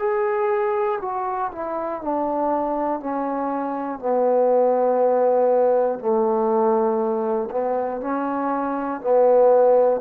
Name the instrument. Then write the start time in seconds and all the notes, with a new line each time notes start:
trombone
0.00 G#4
1.01 F#4
1.52 E4
2.02 D4
3.01 C#4
4.00 B3
6.00 A3
7.51 B3
8.01 C#4
9.01 B3